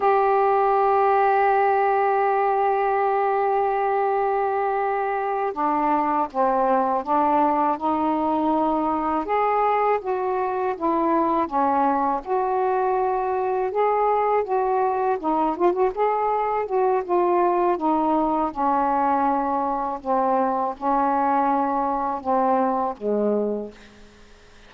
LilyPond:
\new Staff \with { instrumentName = "saxophone" } { \time 4/4 \tempo 4 = 81 g'1~ | g'2.~ g'8 d'8~ | d'8 c'4 d'4 dis'4.~ | dis'8 gis'4 fis'4 e'4 cis'8~ |
cis'8 fis'2 gis'4 fis'8~ | fis'8 dis'8 f'16 fis'16 gis'4 fis'8 f'4 | dis'4 cis'2 c'4 | cis'2 c'4 gis4 | }